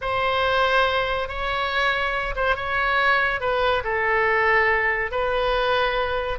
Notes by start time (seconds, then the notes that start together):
0.01 C5
1.28 C#5
2.35 C5
2.55 C#5
3.40 B4
3.84 A4
5.11 B4